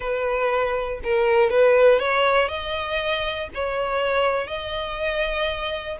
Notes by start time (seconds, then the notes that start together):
0.00 B4
1.03 A#4
1.50 B4
1.99 C#5
2.48 D#5
3.54 C#5
4.47 D#5